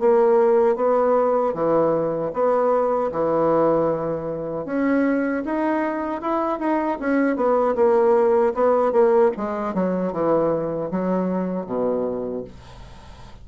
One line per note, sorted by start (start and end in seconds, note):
0.00 0.76 A#3
0.76 1.54 B3
1.54 2.32 E3
2.33 3.11 B3
3.12 4.65 E3
4.65 5.43 C#4
5.45 6.22 D#4
6.22 6.59 E4
6.59 6.98 D#4
7.00 7.36 C#4
7.36 7.75 B3
7.76 8.54 A#3
8.54 8.92 B3
8.92 9.31 A#3
9.37 9.74 G#3
9.74 10.13 F#3
10.13 10.91 E3
10.91 11.66 F#3
11.66 12.44 B2